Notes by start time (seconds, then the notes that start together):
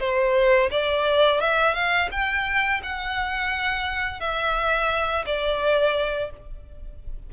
0.00 C5
0.71 D5
1.41 E5
1.74 F5
2.12 G5
2.83 F#5
4.21 E5
5.26 D5